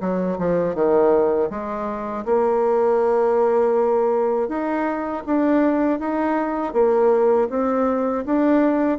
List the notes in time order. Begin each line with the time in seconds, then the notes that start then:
0.00 F#3
0.38 F3
0.74 D#3
1.50 G#3
2.25 A#3
4.48 D#4
5.26 D4
5.99 D#4
6.73 A#3
7.49 C4
8.25 D4